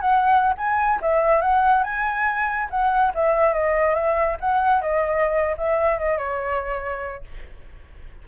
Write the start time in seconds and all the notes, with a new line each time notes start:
0.00 F#5
0.57 G#5
1.01 E5
1.41 F#5
1.83 G#5
2.70 F#5
3.14 E5
3.53 D#5
3.94 E5
4.40 F#5
4.81 D#5
5.57 E5
5.98 D#5
6.17 C#5